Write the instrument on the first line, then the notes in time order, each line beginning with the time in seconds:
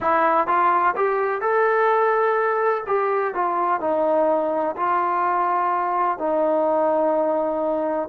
trombone
0.00 E4
0.47 F4
0.95 G4
1.41 A4
2.86 G4
3.34 F4
3.80 D#4
4.76 F4
6.18 D#4